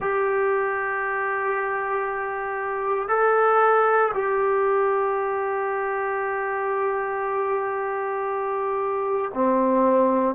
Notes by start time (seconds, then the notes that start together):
0.00 G4
3.08 A4
4.14 G4
9.34 C4